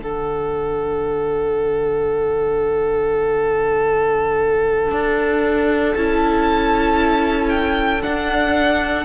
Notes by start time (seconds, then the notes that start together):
0.00 D3 D4 A4 F#5
4.92 D4
5.95 C#4 E4 A5
7.50 G5
8.02 D4 F#5